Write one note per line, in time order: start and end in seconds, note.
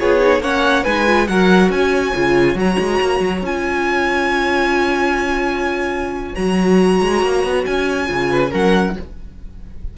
0.00 0.41 B3
0.00 0.21 F4
0.00 0.42 G#4
0.00 0.43 C#5
0.21 0.42 D#4
0.41 0.84 A#3
0.41 0.86 C#4
0.41 0.84 C#5
0.41 0.85 F#5
0.84 1.29 G#3
0.84 1.07 D#4
0.84 1.27 B4
0.84 1.28 G#5
1.07 1.28 F4
1.28 1.70 F#3
1.28 2.15 F#4
1.28 1.72 A#4
1.28 1.71 F#5
1.70 2.13 C#4
1.70 8.30 C#5
1.70 2.58 G#5
2.15 2.55 C#3
2.15 2.57 F4
2.55 2.77 F#3
2.55 3.43 F#4
2.55 3.46 A#5
2.79 3.01 G#3
3.01 3.20 A#3
3.20 3.42 F#3
3.42 6.33 C#4
3.42 6.36 F4
3.42 6.36 G#5
6.36 7.02 F#3
6.36 8.06 F#4
6.36 7.65 A#5
7.02 7.23 G#3
7.23 7.44 A#3
7.44 7.65 B3
7.66 8.10 C#4
7.66 8.52 G#5
8.06 8.53 C#3
8.06 8.50 F4
8.30 8.51 B4
8.51 8.97 F#3
8.51 8.96 C#4
8.51 8.94 A#4
8.51 8.98 F#5